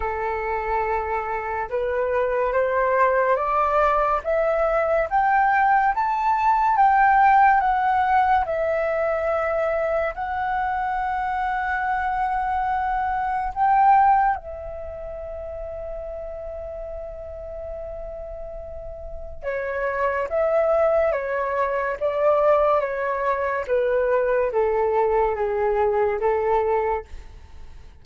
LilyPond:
\new Staff \with { instrumentName = "flute" } { \time 4/4 \tempo 4 = 71 a'2 b'4 c''4 | d''4 e''4 g''4 a''4 | g''4 fis''4 e''2 | fis''1 |
g''4 e''2.~ | e''2. cis''4 | e''4 cis''4 d''4 cis''4 | b'4 a'4 gis'4 a'4 | }